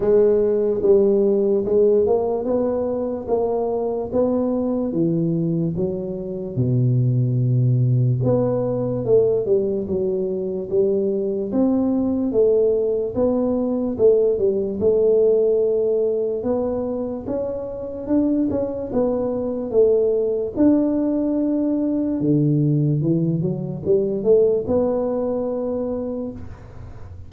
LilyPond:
\new Staff \with { instrumentName = "tuba" } { \time 4/4 \tempo 4 = 73 gis4 g4 gis8 ais8 b4 | ais4 b4 e4 fis4 | b,2 b4 a8 g8 | fis4 g4 c'4 a4 |
b4 a8 g8 a2 | b4 cis'4 d'8 cis'8 b4 | a4 d'2 d4 | e8 fis8 g8 a8 b2 | }